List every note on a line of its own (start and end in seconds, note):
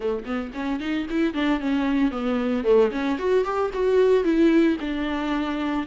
0.00 0.24 A3
0.25 0.51 B3
0.54 0.80 C#4
0.80 1.06 D#4
1.10 1.33 E4
1.33 1.60 D4
1.60 2.11 C#4
2.11 2.64 B3
2.64 2.90 A3
2.91 3.18 C#4
3.18 3.44 F#4
3.44 3.70 G4
3.73 4.23 F#4
4.23 4.76 E4
4.80 5.86 D4